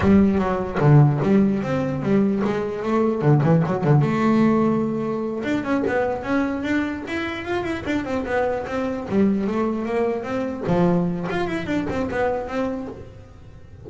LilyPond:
\new Staff \with { instrumentName = "double bass" } { \time 4/4 \tempo 4 = 149 g4 fis4 d4 g4 | c'4 g4 gis4 a4 | d8 e8 fis8 d8 a2~ | a4. d'8 cis'8 b4 cis'8~ |
cis'8 d'4 e'4 f'8 e'8 d'8 | c'8 b4 c'4 g4 a8~ | a8 ais4 c'4 f4. | f'8 e'8 d'8 c'8 b4 c'4 | }